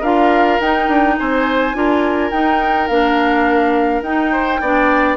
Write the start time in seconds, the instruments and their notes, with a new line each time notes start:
0.00 bassoon D4, clarinet F4, oboe A#4, flute F5
0.60 bassoon D#4, clarinet D#4, flute G5
0.88 bassoon D4
1.18 bassoon C4, oboe C5, flute G#5
1.74 bassoon D4, clarinet F4, oboe A#4
2.30 bassoon D#4, clarinet D#4, flute G5
2.87 bassoon A#3, clarinet D4, flute F5
4.01 bassoon D#4, clarinet D#4, flute G5
4.32 oboe C5
4.60 bassoon B3, clarinet D4, oboe D5